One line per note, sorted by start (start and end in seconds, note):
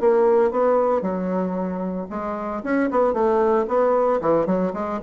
0.00 0.51 A#3
0.51 1.01 B3
1.01 2.07 F#3
2.10 2.62 G#3
2.63 2.89 C#4
2.90 3.13 B3
3.13 3.66 A3
3.67 4.20 B3
4.21 4.46 E3
4.46 4.72 F#3
4.73 5.00 G#3